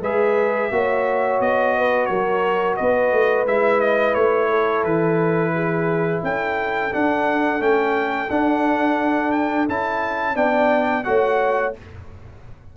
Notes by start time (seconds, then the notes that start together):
0.00 G#3 G#4 B4 E5
0.71 A#3 F#4 C#5
1.39 B3 D#5
1.77 B4
2.05 F#3 A#4 C#5
2.76 B3 B4 D#5
3.12 A3
3.46 G#3 E4 E5
3.80 D#5
4.14 A3 C#5
4.49 A4
4.83 E3 B4
5.54 G#4
6.23 C#4 A4 G5
6.92 D4 F#5
7.59 A3 C#4 G5
8.30 D4 F#5
9.32 G5
9.68 C#4 E4 A5
10.34 B3 D4 D5 G5
11.04 A3 F#4 C#5 F#5